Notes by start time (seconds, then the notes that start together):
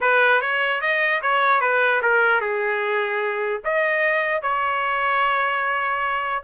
0.00 B4
0.41 C#5
0.81 D#5
1.22 C#5
1.61 B4
2.02 A#4
2.40 G#4
3.64 D#5
4.42 C#5